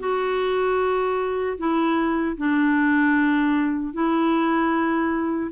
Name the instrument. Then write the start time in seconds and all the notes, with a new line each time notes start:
clarinet
0.00 F#4
1.58 E4
2.37 D4
3.94 E4